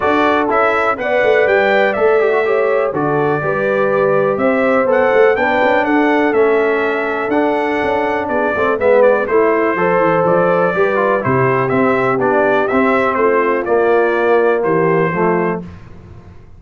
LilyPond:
<<
  \new Staff \with { instrumentName = "trumpet" } { \time 4/4 \tempo 4 = 123 d''4 e''4 fis''4 g''4 | e''2 d''2~ | d''4 e''4 fis''4 g''4 | fis''4 e''2 fis''4~ |
fis''4 d''4 e''8 d''8 c''4~ | c''4 d''2 c''4 | e''4 d''4 e''4 c''4 | d''2 c''2 | }
  \new Staff \with { instrumentName = "horn" } { \time 4/4 a'2 d''2~ | d''4 cis''4 a'4 b'4~ | b'4 c''2 b'4 | a'1~ |
a'4 gis'8 a'8 b'4 e'4 | c''2 b'4 g'4~ | g'2. f'4~ | f'2 g'4 f'4 | }
  \new Staff \with { instrumentName = "trombone" } { \time 4/4 fis'4 e'4 b'2 | a'8 g'16 fis'16 g'4 fis'4 g'4~ | g'2 a'4 d'4~ | d'4 cis'2 d'4~ |
d'4. c'8 b4 e'4 | a'2 g'8 f'8 e'4 | c'4 d'4 c'2 | ais2. a4 | }
  \new Staff \with { instrumentName = "tuba" } { \time 4/4 d'4 cis'4 b8 a8 g4 | a2 d4 g4~ | g4 c'4 b8 a8 b8 cis'8 | d'4 a2 d'4 |
cis'4 b8 a8 gis4 a4 | f8 e8 f4 g4 c4 | c'4 b4 c'4 a4 | ais2 e4 f4 | }
>>